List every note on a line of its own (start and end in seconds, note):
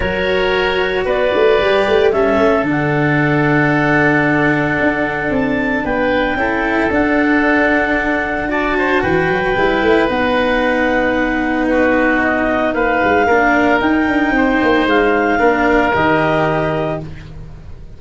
0.00 1.05 F#3
0.00 1.58 F#4
0.00 1.04 A#4
0.00 1.06 C#5
1.04 1.32 B3
1.04 2.10 B4
1.04 2.11 D5
1.33 1.60 A3
1.60 1.87 G3
1.60 2.12 G4
1.87 2.12 A3
2.11 2.36 G3
2.11 2.65 C#4
2.11 5.84 A4
2.11 2.64 E5
2.36 2.62 A3
2.62 4.75 D3
2.62 6.37 D4
2.70 5.33 F#5
4.80 5.29 D4
5.29 5.83 C4
5.29 5.85 A5
5.84 6.35 B3
5.84 6.37 B4
5.84 6.91 G5
6.35 6.88 C#4
6.35 6.90 E4
6.35 8.50 A4
6.90 9.02 D4
6.90 8.48 D4
6.90 8.50 F#5
8.48 9.54 F#4
8.48 8.76 D5
8.48 9.02 A5
8.77 9.02 C5
9.02 9.29 E3
9.02 11.67 B4
9.02 10.08 G5
9.29 9.56 F#3
9.56 9.82 G3
9.56 10.08 E4
9.82 10.08 A3
10.08 12.74 B3
10.08 13.26 D#4
10.08 11.66 F#5
11.66 12.74 F#4
11.66 12.20 B4
12.23 12.73 D#5
12.73 13.00 A#3
12.73 13.26 B4
12.73 13.80 F5
13.03 13.26 G#3
13.26 13.79 A#3
13.26 13.80 D4
13.26 14.32 A#4
13.80 15.38 D#4
13.80 14.07 D#4
13.80 14.86 G5
14.07 14.30 D4
14.30 14.57 C4
14.36 15.39 C5
14.62 14.86 A#3
14.86 15.38 G#3
14.86 15.94 F5
15.38 15.92 A#3
15.38 15.91 D4
15.38 16.98 A#4
15.93 17.01 D#3
15.93 16.99 G4
15.93 17.00 D#5